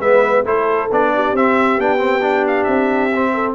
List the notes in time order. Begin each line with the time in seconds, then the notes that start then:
0.00 G#3 B3 B4 E5
0.45 A3 E4 A4 C5
0.91 B3 D4 D5
1.15 G4
1.33 C4 E5
1.78 B3 D4 G5
1.98 C4
2.21 D4
2.48 F5
2.64 C4 E5
3.15 C4
3.34 A4